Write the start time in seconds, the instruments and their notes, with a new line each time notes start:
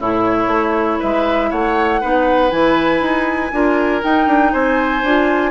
0.00 bassoon A2, oboe E4, clarinet E4, flute C#5
0.48 bassoon A3
1.00 bassoon G#3, oboe B4, flute E5
1.51 bassoon A3, oboe C#5, flute F#5
2.01 bassoon B3, clarinet D#4, oboe B4
2.51 bassoon E3, clarinet E4, flute G#5
3.01 bassoon D#4
3.53 bassoon D4, clarinet F4, oboe A#4
4.03 clarinet D#4, bassoon D#4, flute G5
4.27 bassoon D4
4.53 bassoon C4, oboe C5, flute G#5
5.03 bassoon D4, clarinet F4